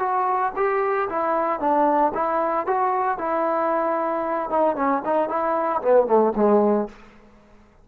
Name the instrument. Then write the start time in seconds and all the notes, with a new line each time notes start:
trombone
0.00 F#4
0.56 G4
1.10 E4
1.60 D4
2.15 E4
2.67 F#4
3.18 E4
4.50 D#4
4.76 C#4
5.05 D#4
5.29 E4
5.82 B3
6.07 A3
6.36 G#3